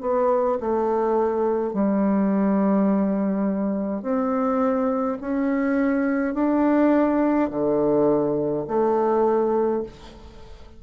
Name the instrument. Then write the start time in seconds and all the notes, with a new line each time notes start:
bassoon
0.00 B3
0.60 A3
1.73 G3
4.02 C4
5.20 C#4
6.34 D4
7.50 D3
8.67 A3